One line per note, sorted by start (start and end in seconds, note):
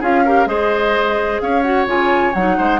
0.00 0.46 C#4
0.00 0.25 F4
0.00 0.23 G#4
0.00 0.47 F5
0.25 0.46 G4
0.25 0.48 A#4
0.46 1.39 G#3
0.46 1.62 G#4
0.46 1.41 C5
0.46 1.40 D#5
1.41 1.86 C#4
1.41 2.57 C#5
1.41 1.62 F5
1.62 1.86 F#4
1.62 1.85 F#5
1.86 2.32 C#3
1.86 2.33 F4
1.86 2.33 G#5
2.33 2.57 F#3
2.33 2.80 D#4
2.33 2.80 F#5
2.57 2.80 G#3
2.57 2.80 C5